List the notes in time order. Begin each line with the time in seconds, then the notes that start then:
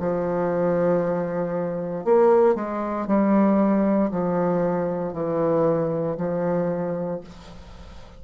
0.00 F3
2.05 A#3
2.56 G#3
3.08 G3
4.11 F3
5.13 E3
6.17 F3